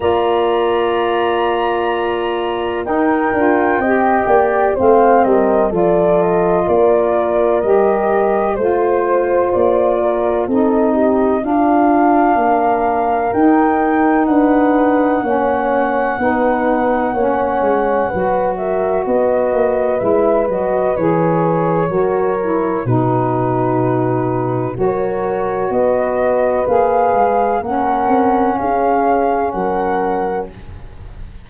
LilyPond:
<<
  \new Staff \with { instrumentName = "flute" } { \time 4/4 \tempo 4 = 63 ais''2. g''4~ | g''4 f''8 dis''8 d''8 dis''8 d''4 | dis''4 c''4 d''4 dis''4 | f''2 g''4 fis''4~ |
fis''2.~ fis''8 e''8 | dis''4 e''8 dis''8 cis''2 | b'2 cis''4 dis''4 | f''4 fis''4 f''4 fis''4 | }
  \new Staff \with { instrumentName = "horn" } { \time 4/4 d''2. ais'4 | dis''8 d''8 c''8 ais'8 a'4 ais'4~ | ais'4 c''4. ais'8 a'8 g'8 | f'4 ais'2 b'4 |
cis''4 b'4 cis''4 b'8 ais'8 | b'2. ais'4 | fis'2 ais'4 b'4~ | b'4 ais'4 gis'4 ais'4 | }
  \new Staff \with { instrumentName = "saxophone" } { \time 4/4 f'2. dis'8 f'8 | g'4 c'4 f'2 | g'4 f'2 dis'4 | d'2 dis'2 |
cis'4 dis'4 cis'4 fis'4~ | fis'4 e'8 fis'8 gis'4 fis'8 e'8 | dis'2 fis'2 | gis'4 cis'2. | }
  \new Staff \with { instrumentName = "tuba" } { \time 4/4 ais2. dis'8 d'8 | c'8 ais8 a8 g8 f4 ais4 | g4 a4 ais4 c'4 | d'4 ais4 dis'4 d'4 |
ais4 b4 ais8 gis8 fis4 | b8 ais8 gis8 fis8 e4 fis4 | b,2 fis4 b4 | ais8 gis8 ais8 c'8 cis'4 fis4 | }
>>